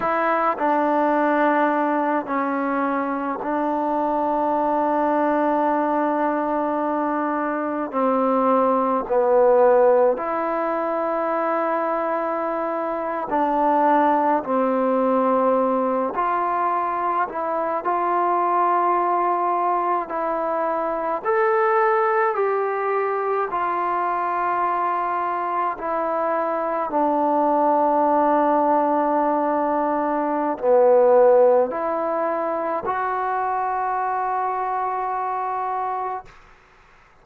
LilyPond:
\new Staff \with { instrumentName = "trombone" } { \time 4/4 \tempo 4 = 53 e'8 d'4. cis'4 d'4~ | d'2. c'4 | b4 e'2~ e'8. d'16~ | d'8. c'4. f'4 e'8 f'16~ |
f'4.~ f'16 e'4 a'4 g'16~ | g'8. f'2 e'4 d'16~ | d'2. b4 | e'4 fis'2. | }